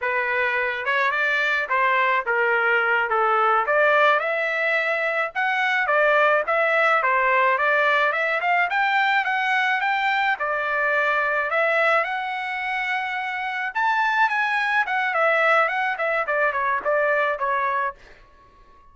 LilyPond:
\new Staff \with { instrumentName = "trumpet" } { \time 4/4 \tempo 4 = 107 b'4. cis''8 d''4 c''4 | ais'4. a'4 d''4 e''8~ | e''4. fis''4 d''4 e''8~ | e''8 c''4 d''4 e''8 f''8 g''8~ |
g''8 fis''4 g''4 d''4.~ | d''8 e''4 fis''2~ fis''8~ | fis''8 a''4 gis''4 fis''8 e''4 | fis''8 e''8 d''8 cis''8 d''4 cis''4 | }